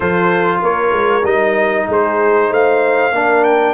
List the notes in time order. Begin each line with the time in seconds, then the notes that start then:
0.00 F3 F4 A4 C5
0.62 A#3 A#4 C#5
0.92 G#3
1.23 G3 D#4 D#5
1.87 G#3 G#4 C5
2.49 A3 C5 F5
3.12 A#3 D4 A#4
3.44 G5